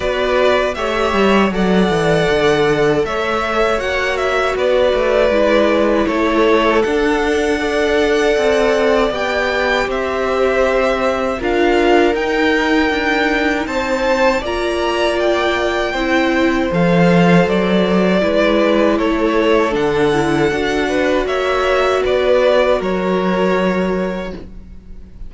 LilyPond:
<<
  \new Staff \with { instrumentName = "violin" } { \time 4/4 \tempo 4 = 79 d''4 e''4 fis''2 | e''4 fis''8 e''8 d''2 | cis''4 fis''2. | g''4 e''2 f''4 |
g''2 a''4 ais''4 | g''2 f''4 d''4~ | d''4 cis''4 fis''2 | e''4 d''4 cis''2 | }
  \new Staff \with { instrumentName = "violin" } { \time 4/4 b'4 cis''4 d''2 | cis''2 b'2 | a'2 d''2~ | d''4 c''2 ais'4~ |
ais'2 c''4 d''4~ | d''4 c''2. | b'4 a'2~ a'8 b'8 | cis''4 b'4 ais'2 | }
  \new Staff \with { instrumentName = "viola" } { \time 4/4 fis'4 g'4 a'2~ | a'4 fis'2 e'4~ | e'4 d'4 a'2 | g'2. f'4 |
dis'2. f'4~ | f'4 e'4 a'2 | e'2 d'8 e'8 fis'4~ | fis'1 | }
  \new Staff \with { instrumentName = "cello" } { \time 4/4 b4 a8 g8 fis8 e8 d4 | a4 ais4 b8 a8 gis4 | a4 d'2 c'4 | b4 c'2 d'4 |
dis'4 d'4 c'4 ais4~ | ais4 c'4 f4 fis4 | gis4 a4 d4 d'4 | ais4 b4 fis2 | }
>>